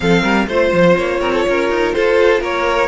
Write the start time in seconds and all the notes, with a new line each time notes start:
0.00 F3 C4 A4 F5
0.21 G3 A#4
0.47 A3 F4 C5
0.72 F3
0.97 A#3 C#5
1.20 C4 A#4
1.33 A4
1.48 C#4 A#4
1.70 D#4
1.93 F4 A4 C5
2.40 A#3 A#4 C#5